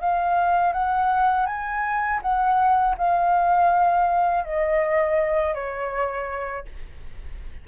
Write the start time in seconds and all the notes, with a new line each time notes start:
0.00 F5
0.72 F#5
1.46 G#5
2.22 F#5
2.97 F5
4.44 D#5
5.54 C#5